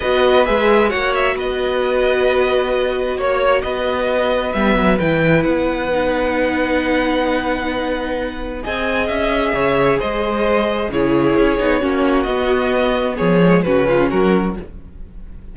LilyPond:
<<
  \new Staff \with { instrumentName = "violin" } { \time 4/4 \tempo 4 = 132 dis''4 e''4 fis''8 e''8 dis''4~ | dis''2. cis''4 | dis''2 e''4 g''4 | fis''1~ |
fis''2. gis''4 | e''2 dis''2 | cis''2. dis''4~ | dis''4 cis''4 b'4 ais'4 | }
  \new Staff \with { instrumentName = "violin" } { \time 4/4 b'2 cis''4 b'4~ | b'2. cis''4 | b'1~ | b'1~ |
b'2. dis''4~ | dis''4 cis''4 c''2 | gis'2 fis'2~ | fis'4 gis'4 fis'8 f'8 fis'4 | }
  \new Staff \with { instrumentName = "viola" } { \time 4/4 fis'4 gis'4 fis'2~ | fis'1~ | fis'2 b4 e'4~ | e'4 dis'2.~ |
dis'2. gis'4~ | gis'1 | e'4. dis'8 cis'4 b4~ | b4. gis8 cis'2 | }
  \new Staff \with { instrumentName = "cello" } { \time 4/4 b4 gis4 ais4 b4~ | b2. ais4 | b2 g8 fis8 e4 | b1~ |
b2. c'4 | cis'4 cis4 gis2 | cis4 cis'8 b8 ais4 b4~ | b4 f4 cis4 fis4 | }
>>